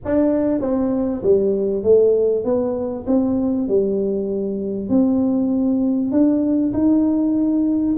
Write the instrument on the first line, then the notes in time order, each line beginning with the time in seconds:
tuba
0.04 D4
0.60 C4
1.22 G3
1.83 A3
2.44 B3
3.06 C4
3.68 G3
4.89 C4
6.11 D4
6.73 D#4